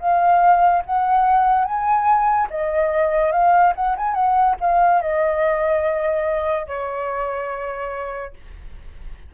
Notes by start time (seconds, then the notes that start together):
0.00 F5
0.86 F#5
1.65 G#5
2.51 D#5
3.32 F5
3.76 F#5
3.97 G#5
4.15 F#5
4.61 F5
5.02 D#5
6.67 C#5